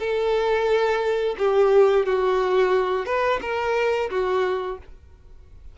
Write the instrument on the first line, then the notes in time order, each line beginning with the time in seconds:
violin
0.00 A4
1.39 G4
2.06 F#4
3.06 B4
3.42 A#4
4.10 F#4